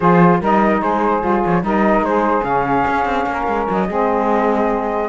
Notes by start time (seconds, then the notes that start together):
0.00 F3 F4 G#4 C5
0.40 G3 D#4 A#4 D#5
0.80 G#3 G#4 C5
1.21 G3 F4
1.43 F3 C#5
1.61 G3 D#4 A#4 D#5
2.00 G#3 G#4 C5
2.43 C#3 C#4 F5
2.87 C#4
3.05 C4
3.26 A#3 A#4
3.47 G#3
3.70 F#3 D#5
3.87 G#3 C4 G#4